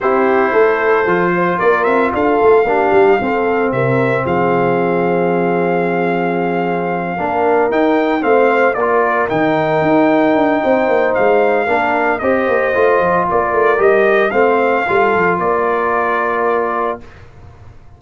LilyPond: <<
  \new Staff \with { instrumentName = "trumpet" } { \time 4/4 \tempo 4 = 113 c''2. d''8 e''8 | f''2. e''4 | f''1~ | f''2~ f''8 g''4 f''8~ |
f''8 d''4 g''2~ g''8~ | g''4 f''2 dis''4~ | dis''4 d''4 dis''4 f''4~ | f''4 d''2. | }
  \new Staff \with { instrumentName = "horn" } { \time 4/4 g'4 a'4. c''8 ais'4 | a'4 g'4 a'4 ais'4 | gis'1~ | gis'4. ais'2 c''8~ |
c''8 ais'2.~ ais'8 | c''2 ais'4 c''4~ | c''4 ais'2 c''4 | a'4 ais'2. | }
  \new Staff \with { instrumentName = "trombone" } { \time 4/4 e'2 f'2~ | f'4 d'4 c'2~ | c'1~ | c'4. d'4 dis'4 c'8~ |
c'8 f'4 dis'2~ dis'8~ | dis'2 d'4 g'4 | f'2 g'4 c'4 | f'1 | }
  \new Staff \with { instrumentName = "tuba" } { \time 4/4 c'4 a4 f4 ais8 c'8 | d'8 a8 ais8 g8 c'4 c4 | f1~ | f4. ais4 dis'4 a8~ |
a8 ais4 dis4 dis'4 d'8 | c'8 ais8 gis4 ais4 c'8 ais8 | a8 f8 ais8 a8 g4 a4 | g8 f8 ais2. | }
>>